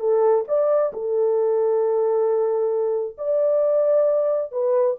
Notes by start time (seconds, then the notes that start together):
0.00 A4
0.48 D5
0.93 A4
3.18 D5
4.52 B4